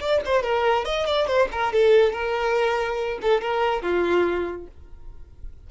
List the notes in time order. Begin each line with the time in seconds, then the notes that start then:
0.00 D5
0.26 C5
0.43 A#4
0.85 D#5
1.07 D5
1.27 C5
1.52 A#4
1.73 A4
2.13 A#4
3.22 A4
3.42 A#4
3.82 F4